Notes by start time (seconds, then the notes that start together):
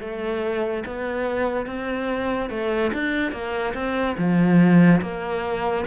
0.00 A3
0.86 B3
1.66 C4
2.49 A3
2.93 D4
3.32 A#3
3.74 C4
4.17 F3
5.01 A#3